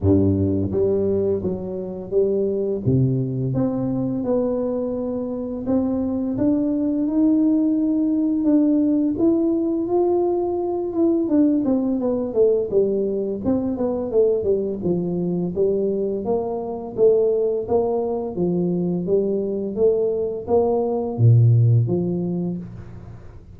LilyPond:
\new Staff \with { instrumentName = "tuba" } { \time 4/4 \tempo 4 = 85 g,4 g4 fis4 g4 | c4 c'4 b2 | c'4 d'4 dis'2 | d'4 e'4 f'4. e'8 |
d'8 c'8 b8 a8 g4 c'8 b8 | a8 g8 f4 g4 ais4 | a4 ais4 f4 g4 | a4 ais4 ais,4 f4 | }